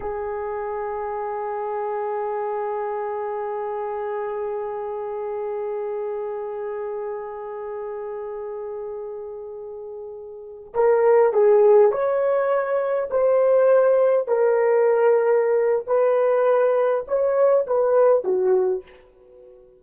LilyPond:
\new Staff \with { instrumentName = "horn" } { \time 4/4 \tempo 4 = 102 gis'1~ | gis'1~ | gis'1~ | gis'1~ |
gis'2~ gis'16 ais'4 gis'8.~ | gis'16 cis''2 c''4.~ c''16~ | c''16 ais'2~ ais'8. b'4~ | b'4 cis''4 b'4 fis'4 | }